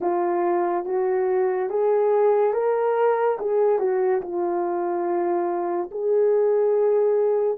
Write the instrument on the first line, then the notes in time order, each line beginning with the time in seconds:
horn
0.00 F4
0.85 F#4
1.69 G#4
2.53 A#4
3.39 G#4
3.78 F#4
4.21 F4
5.91 G#4